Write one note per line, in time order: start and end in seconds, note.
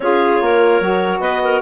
0.00 0.39 C#4
0.00 0.81 F4
0.00 0.43 G#4
0.00 1.20 C#5
0.41 0.80 A#3
0.41 1.20 A#4
0.80 1.19 F#3
0.80 1.62 F#4
1.19 1.60 B3
1.19 1.41 B4
1.19 1.60 D#5
1.43 1.62 A#4